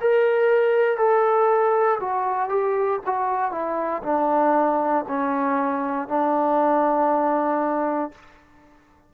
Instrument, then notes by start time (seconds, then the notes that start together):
trombone
0.00 A#4
0.97 A4
2.00 F#4
2.49 G4
3.06 F#4
3.51 E4
4.03 D4
5.08 C#4
6.08 D4